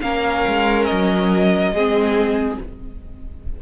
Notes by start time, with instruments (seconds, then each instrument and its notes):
0.00 cello A#3, viola C#4, violin A#4 F5
0.47 cello G#3
0.84 violin D#5
0.91 cello F#3
1.71 cello G#3, viola C4, violin G#4